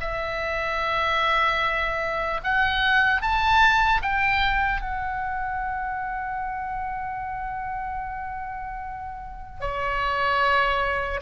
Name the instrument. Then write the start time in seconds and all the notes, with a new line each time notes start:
oboe
0.00 E5
2.43 F#5
3.21 A5
4.01 G5
4.81 F#5
9.60 C#5